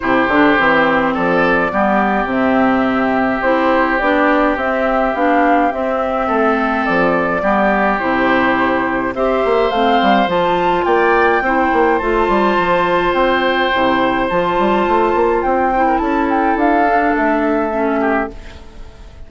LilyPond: <<
  \new Staff \with { instrumentName = "flute" } { \time 4/4 \tempo 4 = 105 c''2 d''2 | e''2 c''4 d''4 | e''4 f''4 e''2 | d''2 c''2 |
e''4 f''4 a''4 g''4~ | g''4 a''2 g''4~ | g''4 a''2 g''4 | a''8 g''8 f''4 e''2 | }
  \new Staff \with { instrumentName = "oboe" } { \time 4/4 g'2 a'4 g'4~ | g'1~ | g'2. a'4~ | a'4 g'2. |
c''2. d''4 | c''1~ | c''2.~ c''8. ais'16 | a'2.~ a'8 g'8 | }
  \new Staff \with { instrumentName = "clarinet" } { \time 4/4 e'8 d'8 c'2 b4 | c'2 e'4 d'4 | c'4 d'4 c'2~ | c'4 b4 e'2 |
g'4 c'4 f'2 | e'4 f'2. | e'4 f'2~ f'8 e'8~ | e'4. d'4. cis'4 | }
  \new Staff \with { instrumentName = "bassoon" } { \time 4/4 c8 d8 e4 f4 g4 | c2 c'4 b4 | c'4 b4 c'4 a4 | f4 g4 c2 |
c'8 ais8 a8 g8 f4 ais4 | c'8 ais8 a8 g8 f4 c'4 | c4 f8 g8 a8 ais8 c'4 | cis'4 d'4 a2 | }
>>